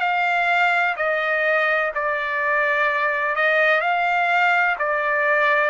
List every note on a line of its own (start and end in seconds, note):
0.00 0.95 F5
0.97 1.92 D#5
1.95 3.36 D5
3.36 3.81 D#5
3.81 4.76 F5
4.79 5.71 D5